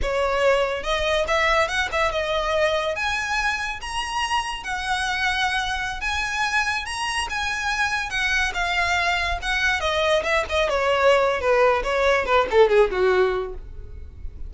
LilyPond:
\new Staff \with { instrumentName = "violin" } { \time 4/4 \tempo 4 = 142 cis''2 dis''4 e''4 | fis''8 e''8 dis''2 gis''4~ | gis''4 ais''2 fis''4~ | fis''2~ fis''16 gis''4.~ gis''16~ |
gis''16 ais''4 gis''2 fis''8.~ | fis''16 f''2 fis''4 dis''8.~ | dis''16 e''8 dis''8 cis''4.~ cis''16 b'4 | cis''4 b'8 a'8 gis'8 fis'4. | }